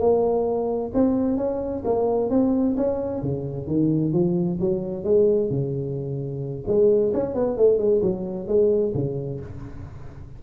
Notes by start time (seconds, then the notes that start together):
0.00 A#3
0.94 C4
1.37 C#4
1.85 A#3
2.30 C4
2.77 C#4
3.22 C#3
3.67 D#3
4.13 F3
4.61 F#3
5.04 G#3
5.50 C#3
6.67 G#3
7.14 C#4
7.34 B3
7.57 A3
7.78 G#3
8.02 F#3
8.48 G#3
8.94 C#3